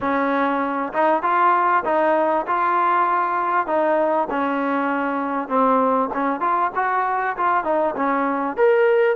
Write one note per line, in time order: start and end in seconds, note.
0.01 0.92 C#4
0.93 1.22 D#4
1.22 1.83 F4
1.85 2.46 D#4
2.47 3.67 F4
3.67 4.28 D#4
4.30 5.48 C#4
5.48 6.09 C4
6.13 6.40 C#4
6.40 6.70 F4
6.75 7.36 F#4
7.36 7.64 F4
7.64 7.94 D#4
7.95 8.57 C#4
8.57 9.16 A#4